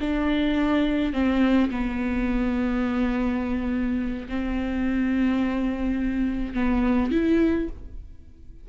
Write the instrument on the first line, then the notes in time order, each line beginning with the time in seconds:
viola
0.00 D4
1.13 C4
1.70 B3
4.28 C4
6.54 B3
7.11 E4